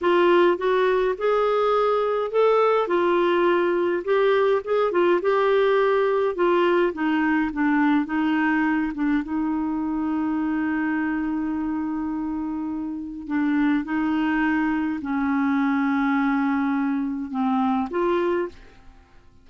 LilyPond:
\new Staff \with { instrumentName = "clarinet" } { \time 4/4 \tempo 4 = 104 f'4 fis'4 gis'2 | a'4 f'2 g'4 | gis'8 f'8 g'2 f'4 | dis'4 d'4 dis'4. d'8 |
dis'1~ | dis'2. d'4 | dis'2 cis'2~ | cis'2 c'4 f'4 | }